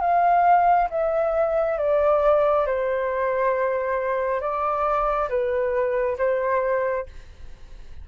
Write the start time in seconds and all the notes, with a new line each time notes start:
0.00 F5
0.90 E5
1.78 D5
2.66 C5
4.40 D5
5.29 B4
6.17 C5